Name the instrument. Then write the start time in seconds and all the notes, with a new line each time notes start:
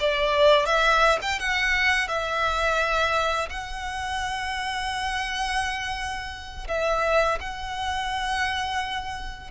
violin
0.00 D5
0.66 E5
1.22 G5
1.40 F#5
2.08 E5
3.50 F#5
6.68 E5
7.41 F#5